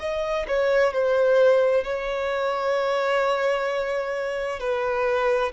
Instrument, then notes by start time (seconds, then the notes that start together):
violin
0.00 D#5
0.48 C#5
0.94 C5
1.85 C#5
4.60 B4